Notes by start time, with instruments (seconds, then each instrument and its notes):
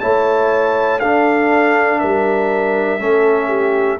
0.00 tuba A3, trombone E4, horn C#5, trumpet A5
0.99 tuba D4, trombone D4, horn A4, trumpet F5
1.99 tuba G3, horn A#4, trumpet E5
2.99 tuba A3, trombone C#4, horn A4
3.48 horn G4